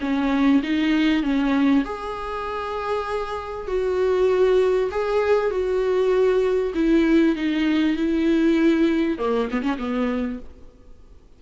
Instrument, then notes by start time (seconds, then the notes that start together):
viola
0.00 C#4
0.63 D#4
1.23 C#4
1.84 G#4
3.67 F#4
4.91 G#4
5.50 F#4
6.74 E4
7.36 D#4
7.96 E4
9.18 A#3
9.51 B3
9.62 C#4
9.78 B3